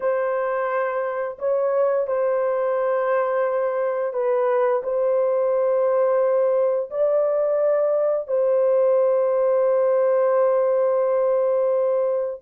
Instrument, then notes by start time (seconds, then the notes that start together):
horn
0.00 C5
1.39 C#5
2.07 C5
4.13 B4
4.83 C5
6.90 D5
8.27 C5